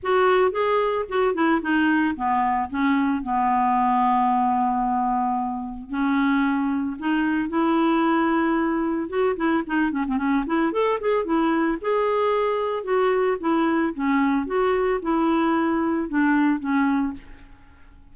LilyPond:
\new Staff \with { instrumentName = "clarinet" } { \time 4/4 \tempo 4 = 112 fis'4 gis'4 fis'8 e'8 dis'4 | b4 cis'4 b2~ | b2. cis'4~ | cis'4 dis'4 e'2~ |
e'4 fis'8 e'8 dis'8 cis'16 c'16 cis'8 e'8 | a'8 gis'8 e'4 gis'2 | fis'4 e'4 cis'4 fis'4 | e'2 d'4 cis'4 | }